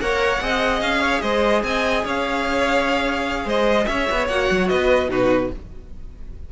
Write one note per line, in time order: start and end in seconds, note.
0.00 0.41 A#3
0.00 0.41 A#4
0.00 0.43 C#5
0.00 0.81 F#5
0.41 0.81 C4
0.41 4.29 G#4
0.41 1.01 D#5
0.81 1.22 C#4
0.81 1.22 F5
1.01 1.22 C#5
1.22 1.63 G#3
1.22 1.64 C5
1.22 1.63 D#5
1.63 2.04 C4
1.63 2.05 D#5
1.63 2.05 G#5
2.05 3.45 C#4
2.05 3.46 C#5
2.05 3.49 F5
3.45 3.86 G#3
3.45 3.87 C5
3.45 3.86 D#5
3.86 4.09 C#4
3.86 4.70 C#5
3.86 4.27 E5
4.11 4.29 B3
4.29 4.49 A#3
4.29 5.09 F#4
4.29 4.68 F#5
4.51 4.71 F#3
4.68 5.10 B3
4.68 5.11 B4
4.68 5.09 D#5
5.09 5.51 B2
5.09 5.50 D#4
5.09 5.51 F#4
5.09 5.53 B4